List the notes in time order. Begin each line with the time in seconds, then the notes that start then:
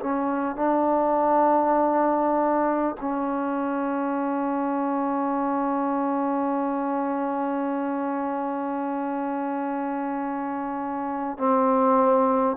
0.00 C#4
0.56 D4
3.01 C#4
11.38 C4